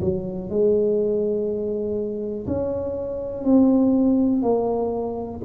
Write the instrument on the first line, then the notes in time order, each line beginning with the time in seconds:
tuba
0.00 F#3
0.49 G#3
2.47 C#4
3.44 C4
4.42 A#3